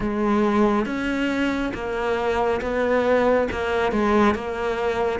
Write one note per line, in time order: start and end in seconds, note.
0.00 0.85 G#3
0.85 1.72 C#4
1.74 2.60 A#3
2.61 3.48 B3
3.51 3.92 A#3
3.92 4.34 G#3
4.34 5.19 A#3